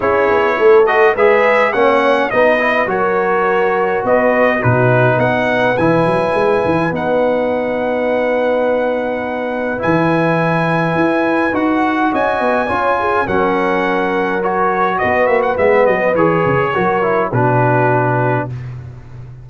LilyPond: <<
  \new Staff \with { instrumentName = "trumpet" } { \time 4/4 \tempo 4 = 104 cis''4. dis''8 e''4 fis''4 | dis''4 cis''2 dis''4 | b'4 fis''4 gis''2 | fis''1~ |
fis''4 gis''2. | fis''4 gis''2 fis''4~ | fis''4 cis''4 dis''8 e''16 fis''16 e''8 dis''8 | cis''2 b'2 | }
  \new Staff \with { instrumentName = "horn" } { \time 4/4 gis'4 a'4 b'4 cis''4 | b'4 ais'2 b'4 | fis'4 b'2.~ | b'1~ |
b'1~ | b'4 dis''4 cis''8 gis'8 ais'4~ | ais'2 b'2~ | b'4 ais'4 fis'2 | }
  \new Staff \with { instrumentName = "trombone" } { \time 4/4 e'4. fis'8 gis'4 cis'4 | dis'8 e'8 fis'2. | dis'2 e'2 | dis'1~ |
dis'4 e'2. | fis'2 f'4 cis'4~ | cis'4 fis'2 b4 | gis'4 fis'8 e'8 d'2 | }
  \new Staff \with { instrumentName = "tuba" } { \time 4/4 cis'8 b8 a4 gis4 ais4 | b4 fis2 b4 | b,4 b4 e8 fis8 gis8 e8 | b1~ |
b4 e2 e'4 | dis'4 cis'8 b8 cis'4 fis4~ | fis2 b8 ais8 gis8 fis8 | e8 cis8 fis4 b,2 | }
>>